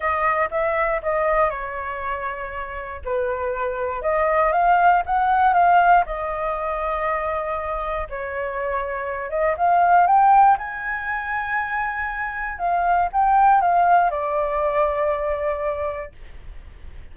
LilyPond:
\new Staff \with { instrumentName = "flute" } { \time 4/4 \tempo 4 = 119 dis''4 e''4 dis''4 cis''4~ | cis''2 b'2 | dis''4 f''4 fis''4 f''4 | dis''1 |
cis''2~ cis''8 dis''8 f''4 | g''4 gis''2.~ | gis''4 f''4 g''4 f''4 | d''1 | }